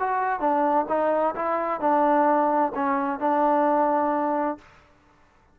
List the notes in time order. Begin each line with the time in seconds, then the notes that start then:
0.00 F#4
0.40 D4
0.89 D#4
1.36 E4
1.80 D4
2.75 C#4
3.20 D4